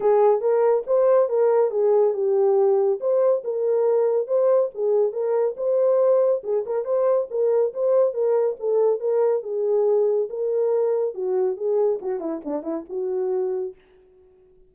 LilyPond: \new Staff \with { instrumentName = "horn" } { \time 4/4 \tempo 4 = 140 gis'4 ais'4 c''4 ais'4 | gis'4 g'2 c''4 | ais'2 c''4 gis'4 | ais'4 c''2 gis'8 ais'8 |
c''4 ais'4 c''4 ais'4 | a'4 ais'4 gis'2 | ais'2 fis'4 gis'4 | fis'8 e'8 d'8 e'8 fis'2 | }